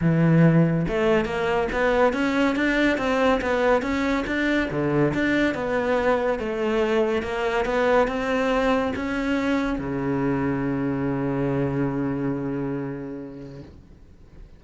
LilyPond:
\new Staff \with { instrumentName = "cello" } { \time 4/4 \tempo 4 = 141 e2 a4 ais4 | b4 cis'4 d'4 c'4 | b4 cis'4 d'4 d4 | d'4 b2 a4~ |
a4 ais4 b4 c'4~ | c'4 cis'2 cis4~ | cis1~ | cis1 | }